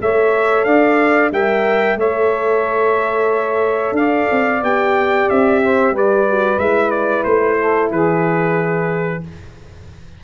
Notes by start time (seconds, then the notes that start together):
0.00 A3 A4 C#5 E5
0.64 D4 D5 F5
1.31 G3 A#4 E5 G5
1.96 A3 A4 C#5 E5
3.92 D4 D5 F5
4.31 C4
4.61 B3 G4 G5
5.29 C4 E5
5.63 C5
5.91 G3 B4 D5
6.28 F#4
6.58 G#3 E4 E5
6.91 D5
7.24 A3 C5
7.59 A4
7.91 E3 G#4 B4